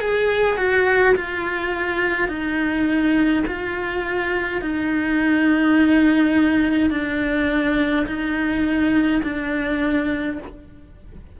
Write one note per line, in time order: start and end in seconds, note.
0.00 0.57 G#4
0.57 1.14 F#4
1.15 2.28 F4
2.28 3.44 D#4
3.46 4.61 F4
4.61 6.90 D#4
6.90 8.06 D4
8.06 9.22 D#4
9.23 10.38 D4